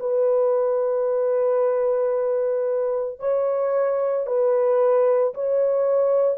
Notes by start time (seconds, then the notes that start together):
0.00 B4
3.19 C#5
4.27 B4
5.34 C#5